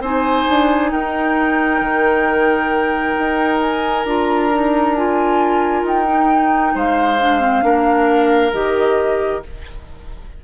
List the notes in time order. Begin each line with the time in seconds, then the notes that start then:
0.00 C4 D#4 C5 G#5
0.49 D4
0.91 D#4 A#4 G5
1.81 D#3
3.19 D#4
3.60 G#5
4.05 D4 F4 A#5
4.52 D#4
4.95 F4 G#5
5.83 D#4 G5
6.06 D#4
6.75 G#3 C5 F5
7.20 D4
7.40 C4
7.62 A#3 D4 A#4
8.53 D#3 G4 D#5